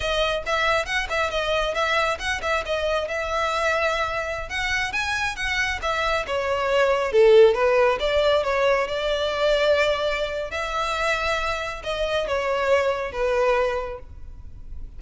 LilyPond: \new Staff \with { instrumentName = "violin" } { \time 4/4 \tempo 4 = 137 dis''4 e''4 fis''8 e''8 dis''4 | e''4 fis''8 e''8 dis''4 e''4~ | e''2~ e''16 fis''4 gis''8.~ | gis''16 fis''4 e''4 cis''4.~ cis''16~ |
cis''16 a'4 b'4 d''4 cis''8.~ | cis''16 d''2.~ d''8. | e''2. dis''4 | cis''2 b'2 | }